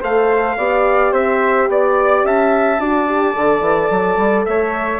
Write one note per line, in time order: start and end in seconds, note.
0.00 0.57 A3
0.00 0.57 A4
0.00 0.56 C5
0.00 1.14 F5
0.57 1.12 B3
0.57 2.80 G4
0.57 1.12 D5
1.12 1.68 C4
1.12 1.68 C5
1.12 1.70 E5
1.68 2.24 B3
1.68 2.26 D5
2.24 2.79 C#4
2.24 2.80 E5
2.24 4.45 A5
2.79 3.34 D4
2.79 3.08 F#4
2.79 4.47 D5
3.08 3.34 G4
3.34 3.61 D3
3.34 5.00 A4
3.61 3.88 E3
3.90 4.17 F#3
4.17 4.45 G3
4.45 5.00 A3
4.45 5.00 C#5
4.45 5.00 E5